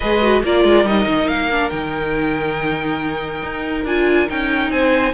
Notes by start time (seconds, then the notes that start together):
0.00 G#3 G#4 B4 D#5
0.21 F#4
0.43 A#3 F4 A#4 D5
0.64 G#3
0.83 G3 D#4 D#5
1.06 D#3
1.28 A#3 F5
1.51 D4
1.69 D#3 D#4 G5
3.42 D#4
3.84 D4 F4 G#5
4.27 C#4 D#4 G5
4.70 C4 C5 G#5